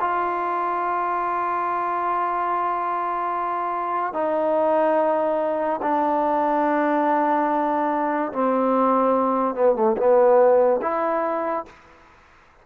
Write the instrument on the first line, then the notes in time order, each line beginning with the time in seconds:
trombone
0.00 F4
4.13 D#4
5.82 D4
8.32 C4
9.55 B3
9.75 A3
9.97 B3
10.81 E4